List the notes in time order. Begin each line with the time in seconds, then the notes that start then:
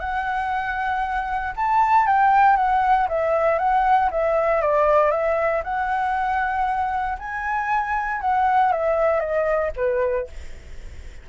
0.00 F#5
1.57 A5
2.07 G5
2.57 F#5
3.09 E5
3.59 F#5
4.11 E5
4.62 D5
5.11 E5
5.64 F#5
7.19 G#5
8.22 F#5
8.73 E5
9.20 D#5
9.76 B4